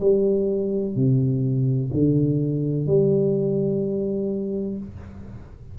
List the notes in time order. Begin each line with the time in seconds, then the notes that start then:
0.00 G3
0.95 C3
1.93 D3
2.86 G3